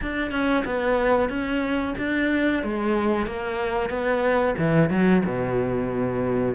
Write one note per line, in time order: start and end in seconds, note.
0.01 0.31 D4
0.31 0.63 C#4
0.65 1.29 B3
1.29 1.94 C#4
1.97 2.63 D4
2.63 3.26 G#3
3.26 3.89 A#3
3.89 4.54 B3
4.57 4.90 E3
4.90 5.22 F#3
5.25 6.54 B2